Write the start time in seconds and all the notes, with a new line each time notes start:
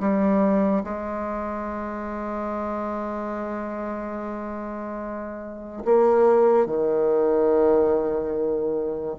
0.00 G3
0.84 G#3
5.85 A#3
6.66 D#3